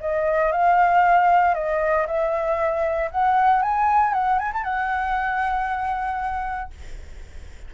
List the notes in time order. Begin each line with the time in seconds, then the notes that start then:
0.00 D#5
0.52 F5
1.54 D#5
2.07 E5
3.11 F#5
3.62 G#5
4.13 F#5
4.39 G#5
4.53 A5
4.64 F#5